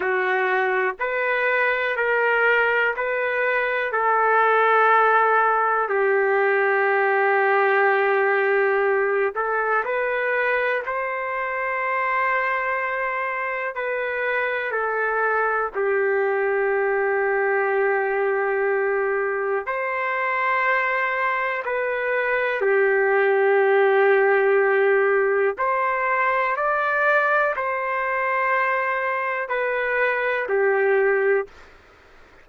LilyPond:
\new Staff \with { instrumentName = "trumpet" } { \time 4/4 \tempo 4 = 61 fis'4 b'4 ais'4 b'4 | a'2 g'2~ | g'4. a'8 b'4 c''4~ | c''2 b'4 a'4 |
g'1 | c''2 b'4 g'4~ | g'2 c''4 d''4 | c''2 b'4 g'4 | }